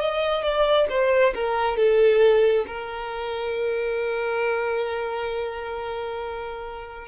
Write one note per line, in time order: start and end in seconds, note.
0.00 0.43 D#5
0.43 0.87 D5
0.89 1.34 C5
1.34 1.77 A#4
1.77 2.65 A4
2.67 7.07 A#4